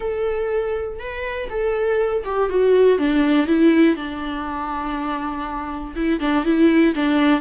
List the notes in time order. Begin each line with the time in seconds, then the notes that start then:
0.00 A4
0.99 B4
1.49 A4
2.24 G4
2.49 F#4
2.98 D4
3.46 E4
3.96 D4
5.95 E4
6.20 D4
6.45 E4
6.94 D4